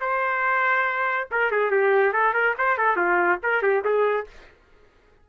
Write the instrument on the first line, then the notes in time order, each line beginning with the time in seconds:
trumpet
0.00 C5
1.31 A#4
1.51 G#4
1.70 G4
2.13 A4
2.33 A#4
2.58 C5
2.77 A4
2.96 F4
3.42 A#4
3.62 G4
3.84 G#4